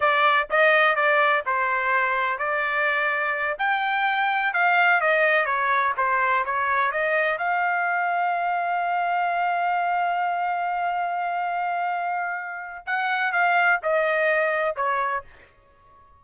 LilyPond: \new Staff \with { instrumentName = "trumpet" } { \time 4/4 \tempo 4 = 126 d''4 dis''4 d''4 c''4~ | c''4 d''2~ d''8 g''8~ | g''4. f''4 dis''4 cis''8~ | cis''8 c''4 cis''4 dis''4 f''8~ |
f''1~ | f''1~ | f''2. fis''4 | f''4 dis''2 cis''4 | }